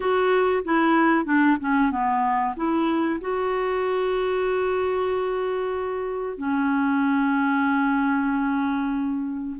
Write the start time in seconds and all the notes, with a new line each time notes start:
0.00 F#4
0.64 E4
1.25 D4
1.60 C#4
1.91 B3
2.56 E4
3.20 F#4
6.37 C#4